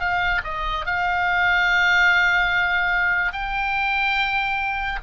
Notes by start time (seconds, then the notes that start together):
0.00 F5
0.44 D#5
0.86 F5
3.33 G5